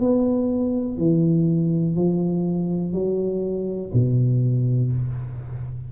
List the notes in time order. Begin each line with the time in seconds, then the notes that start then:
0.00 B3
0.98 E3
1.96 F3
2.94 F#3
3.94 B2